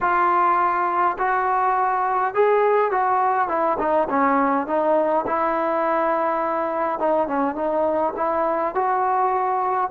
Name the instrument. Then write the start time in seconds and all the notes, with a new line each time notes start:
trombone
0.00 F4
1.18 F#4
2.34 G#4
2.91 F#4
3.48 E4
3.78 D#4
4.09 C#4
4.66 D#4
5.26 E4
6.99 D#4
7.27 C#4
7.55 D#4
8.16 E4
8.74 F#4